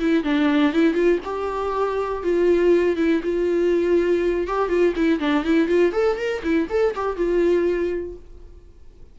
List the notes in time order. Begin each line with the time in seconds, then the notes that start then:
0.00 E4
0.24 D4
0.73 E4
0.94 F4
1.25 G4
2.24 F4
2.97 E4
3.24 F4
4.47 G4
4.69 F4
4.96 E4
5.20 D4
5.44 E4
5.68 F4
5.93 A4
6.17 A#4
6.44 E4
6.70 A4
6.96 G4
7.17 F4